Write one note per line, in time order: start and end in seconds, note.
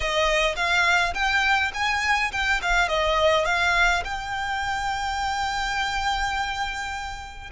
0.00 0.55 D#5
0.56 1.13 F5
1.14 1.71 G5
1.74 2.31 G#5
2.32 2.60 G5
2.62 2.88 F5
2.88 3.45 D#5
3.45 4.03 F5
4.04 7.50 G5